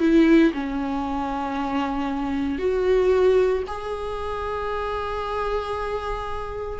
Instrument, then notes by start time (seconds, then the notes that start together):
viola
0.00 E4
0.54 C#4
2.58 F#4
3.68 G#4